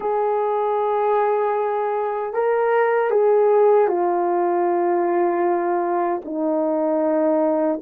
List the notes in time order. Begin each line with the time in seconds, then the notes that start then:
0.00 G#4
2.33 A#4
3.10 G#4
3.87 F4
6.24 D#4